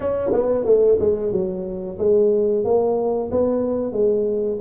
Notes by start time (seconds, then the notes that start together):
0.00 C#4
0.32 B3
0.64 A3
0.99 G#3
1.32 F#3
1.98 G#3
2.64 A#3
3.31 B3
3.92 G#3